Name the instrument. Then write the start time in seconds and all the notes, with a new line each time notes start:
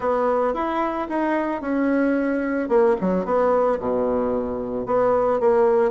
bassoon
0.00 B3
0.54 E4
1.08 D#4
1.61 C#4
2.68 A#3
3.00 F#3
3.25 B3
3.79 B2
4.86 B3
5.39 A#3